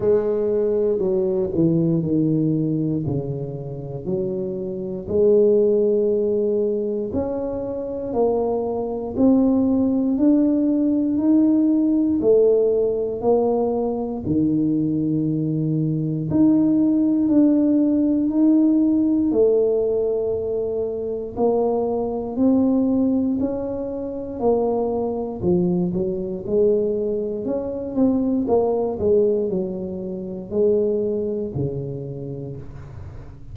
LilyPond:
\new Staff \with { instrumentName = "tuba" } { \time 4/4 \tempo 4 = 59 gis4 fis8 e8 dis4 cis4 | fis4 gis2 cis'4 | ais4 c'4 d'4 dis'4 | a4 ais4 dis2 |
dis'4 d'4 dis'4 a4~ | a4 ais4 c'4 cis'4 | ais4 f8 fis8 gis4 cis'8 c'8 | ais8 gis8 fis4 gis4 cis4 | }